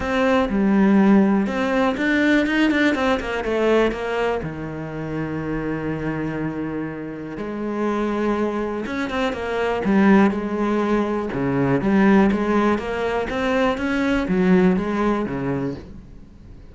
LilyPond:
\new Staff \with { instrumentName = "cello" } { \time 4/4 \tempo 4 = 122 c'4 g2 c'4 | d'4 dis'8 d'8 c'8 ais8 a4 | ais4 dis2.~ | dis2. gis4~ |
gis2 cis'8 c'8 ais4 | g4 gis2 cis4 | g4 gis4 ais4 c'4 | cis'4 fis4 gis4 cis4 | }